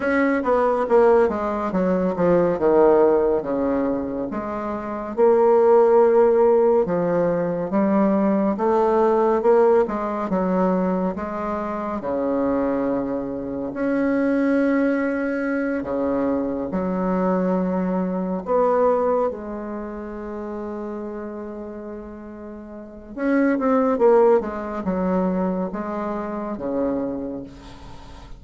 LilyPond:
\new Staff \with { instrumentName = "bassoon" } { \time 4/4 \tempo 4 = 70 cis'8 b8 ais8 gis8 fis8 f8 dis4 | cis4 gis4 ais2 | f4 g4 a4 ais8 gis8 | fis4 gis4 cis2 |
cis'2~ cis'8 cis4 fis8~ | fis4. b4 gis4.~ | gis2. cis'8 c'8 | ais8 gis8 fis4 gis4 cis4 | }